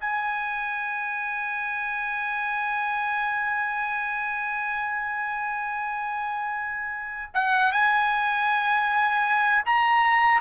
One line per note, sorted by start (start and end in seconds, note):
0.00 7.31 G#5
7.34 7.72 F#5
7.72 9.64 G#5
9.65 10.41 A#5